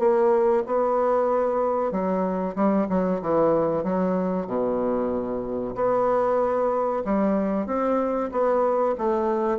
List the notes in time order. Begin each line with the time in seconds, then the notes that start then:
0.00 A#3
0.67 B3
1.92 F#3
2.56 G3
2.90 F#3
3.22 E3
3.84 F#3
4.47 B2
5.76 B3
7.05 G3
7.67 C4
8.32 B3
8.99 A3